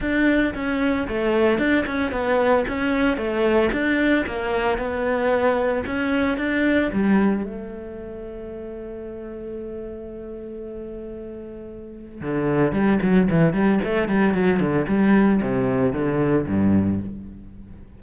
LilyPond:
\new Staff \with { instrumentName = "cello" } { \time 4/4 \tempo 4 = 113 d'4 cis'4 a4 d'8 cis'8 | b4 cis'4 a4 d'4 | ais4 b2 cis'4 | d'4 g4 a2~ |
a1~ | a2. d4 | g8 fis8 e8 g8 a8 g8 fis8 d8 | g4 c4 d4 g,4 | }